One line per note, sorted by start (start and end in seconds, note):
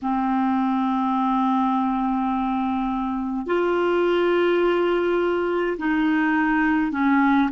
0.02 3.46 C4
3.46 5.77 F4
5.77 6.91 D#4
6.91 7.49 C#4